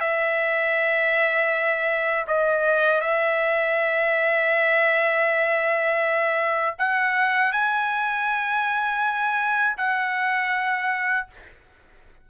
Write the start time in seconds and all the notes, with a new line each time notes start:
0.00 E5
2.27 D#5
3.01 E5
6.78 F#5
7.52 G#5
9.77 F#5